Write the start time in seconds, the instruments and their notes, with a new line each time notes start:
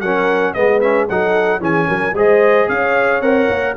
0.00 tuba F#3, trombone C#4, horn A#4, trumpet F#5
0.53 tuba G#3, trombone B3, horn B4, trumpet D#5
0.80 trombone C#4, trumpet E5
1.08 tuba F#3, trombone D#4, horn A4, trumpet F#5
1.60 tuba E3, trombone C#4, horn G#4, trumpet G#5
1.88 tuba F#3, horn A#4
2.13 tuba G#3, trombone G#4, horn C5, trumpet D#5
2.68 tuba C#4, horn C#5, trumpet F5
3.21 tuba C4, trombone A#4, trumpet F#5
3.49 tuba A#3